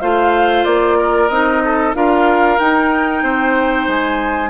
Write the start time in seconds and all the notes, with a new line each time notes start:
0.00 A3 F4 C5 F5
0.65 A#3 D5
0.98 A#4
1.28 C4 D#4 D#5
1.64 A4
1.94 D4 F4 A#4 F5
2.59 D#4 G5
3.23 C4 C5
3.87 G#3 G#5